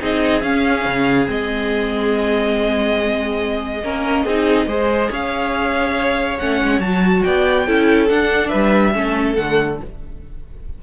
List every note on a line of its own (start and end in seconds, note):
0.00 0.43 C4
0.00 0.43 D#4
0.00 3.83 G#4
0.00 0.42 D#5
0.42 0.86 C#4
0.42 1.26 C#4
0.42 1.28 F5
0.86 1.28 C#3
1.26 3.83 G#3
1.26 3.81 C4
1.26 5.13 D#5
3.83 4.25 A#3
3.83 4.27 C#4
3.83 4.25 A#4
4.25 4.67 C4
4.25 4.68 D#4
4.25 4.68 G#4
4.67 5.09 G#3
4.67 6.38 G#4
4.67 5.11 C5
5.11 6.39 C#4
5.11 7.24 C#5
5.11 6.39 F5
6.39 6.62 A3
6.39 6.82 C#4
6.39 6.81 F#5
6.63 6.80 G#3
6.80 7.22 F#3
6.80 7.67 F#4
6.80 7.23 A5
7.23 7.68 B3
7.23 7.67 D5
7.23 8.08 G5
7.67 8.11 C#4
7.67 8.08 E4
7.67 8.49 A4
8.08 8.94 D4
8.08 8.54 D4
8.08 8.49 F#5
8.49 8.95 G3
8.49 8.92 B4
8.49 9.34 E5
8.94 9.38 A3
8.94 9.37 C#4
8.94 9.83 A4
9.36 9.81 D3
9.36 9.81 A3
9.36 9.79 F#5